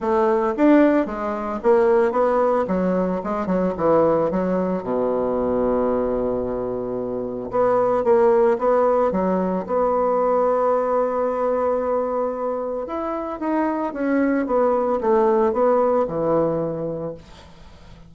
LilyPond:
\new Staff \with { instrumentName = "bassoon" } { \time 4/4 \tempo 4 = 112 a4 d'4 gis4 ais4 | b4 fis4 gis8 fis8 e4 | fis4 b,2.~ | b,2 b4 ais4 |
b4 fis4 b2~ | b1 | e'4 dis'4 cis'4 b4 | a4 b4 e2 | }